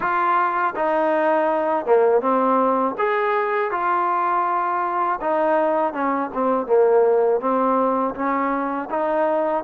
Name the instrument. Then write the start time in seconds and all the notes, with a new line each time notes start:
trombone
0.00 F4
0.75 D#4
1.85 A#3
2.21 C4
2.98 G#4
3.71 F4
5.21 D#4
5.93 C#4
6.33 C4
6.66 A#3
7.40 C4
8.14 C#4
8.90 D#4